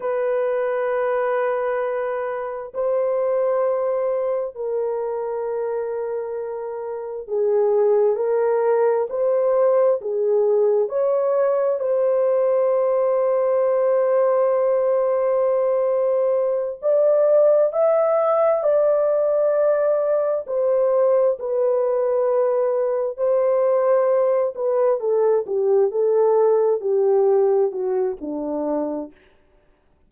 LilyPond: \new Staff \with { instrumentName = "horn" } { \time 4/4 \tempo 4 = 66 b'2. c''4~ | c''4 ais'2. | gis'4 ais'4 c''4 gis'4 | cis''4 c''2.~ |
c''2~ c''8 d''4 e''8~ | e''8 d''2 c''4 b'8~ | b'4. c''4. b'8 a'8 | g'8 a'4 g'4 fis'8 d'4 | }